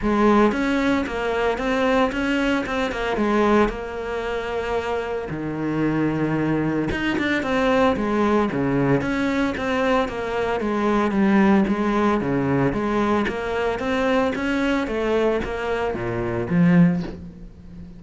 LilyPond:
\new Staff \with { instrumentName = "cello" } { \time 4/4 \tempo 4 = 113 gis4 cis'4 ais4 c'4 | cis'4 c'8 ais8 gis4 ais4~ | ais2 dis2~ | dis4 dis'8 d'8 c'4 gis4 |
cis4 cis'4 c'4 ais4 | gis4 g4 gis4 cis4 | gis4 ais4 c'4 cis'4 | a4 ais4 ais,4 f4 | }